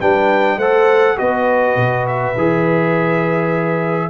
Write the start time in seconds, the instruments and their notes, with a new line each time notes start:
0.00 tuba G3, trombone D4, horn B4, trumpet G5
0.56 tuba A3, trombone A4, horn C5, trumpet F#5
1.17 tuba B3, trombone F#4, horn B4, trumpet D#5
1.76 tuba B2
2.07 trumpet E5
2.37 tuba E3, trombone G#4